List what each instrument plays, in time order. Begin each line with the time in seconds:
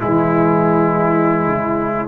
0.00 tuba E3, trombone G#3, horn E4, trumpet E4
1.47 tuba C#3